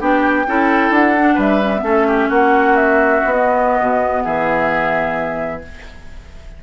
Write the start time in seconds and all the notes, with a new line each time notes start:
0.00 B3 D4 G4 G5
0.48 C#4 E4 A4
0.90 D4 F#5
1.17 D4
1.35 G3 B4 E5
1.62 C#4
1.77 A3 B3
1.83 C#4 A4
2.07 G4
2.29 A#3 F#4 F#5
2.76 E5
3.25 B3
3.32 B3 D#5
3.81 B2
4.23 E3 G#4 E5